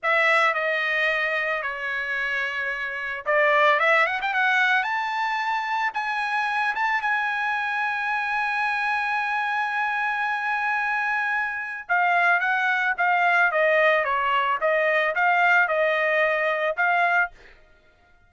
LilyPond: \new Staff \with { instrumentName = "trumpet" } { \time 4/4 \tempo 4 = 111 e''4 dis''2 cis''4~ | cis''2 d''4 e''8 fis''16 g''16 | fis''4 a''2 gis''4~ | gis''8 a''8 gis''2.~ |
gis''1~ | gis''2 f''4 fis''4 | f''4 dis''4 cis''4 dis''4 | f''4 dis''2 f''4 | }